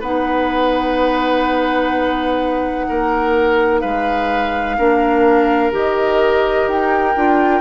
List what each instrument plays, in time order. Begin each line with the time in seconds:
0.00 bassoon B3, clarinet D#4, oboe B4, flute F#5
2.88 bassoon A#3, oboe A#4
3.80 bassoon G#3, oboe B4, flute F5
4.78 bassoon A#3, clarinet D4, oboe A#4
5.71 bassoon D#3, clarinet G4, flute D#5
6.67 bassoon D#4, flute G5
7.16 bassoon D4, clarinet F4